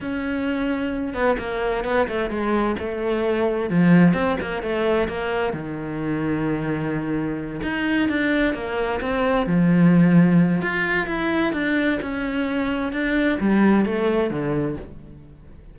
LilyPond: \new Staff \with { instrumentName = "cello" } { \time 4/4 \tempo 4 = 130 cis'2~ cis'8 b8 ais4 | b8 a8 gis4 a2 | f4 c'8 ais8 a4 ais4 | dis1~ |
dis8 dis'4 d'4 ais4 c'8~ | c'8 f2~ f8 f'4 | e'4 d'4 cis'2 | d'4 g4 a4 d4 | }